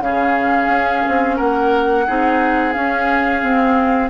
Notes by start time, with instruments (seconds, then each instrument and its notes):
0.00 bassoon C#3, clarinet C#4, oboe G#4, flute F5
0.68 bassoon C#4
1.08 bassoon C4
1.36 bassoon A#3, oboe A#4, flute F#5
2.07 bassoon C4, clarinet D#4, oboe G#4
2.73 clarinet C#4, bassoon C#4, flute F5
3.42 clarinet C4, bassoon C4